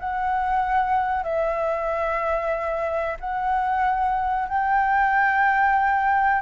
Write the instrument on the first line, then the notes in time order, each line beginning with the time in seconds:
flute
0.00 F#5
1.24 E5
3.21 F#5
4.49 G5